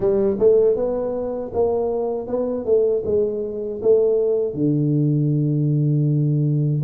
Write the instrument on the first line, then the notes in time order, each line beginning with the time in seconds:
tuba
0.00 G3
0.39 A3
0.76 B3
1.53 A#3
2.27 B3
2.65 A3
3.05 G#3
3.82 A3
4.54 D3